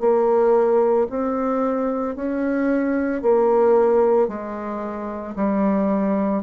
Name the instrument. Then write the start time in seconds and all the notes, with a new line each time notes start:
bassoon
0.00 A#3
1.10 C4
2.16 C#4
3.22 A#3
4.28 G#3
5.36 G3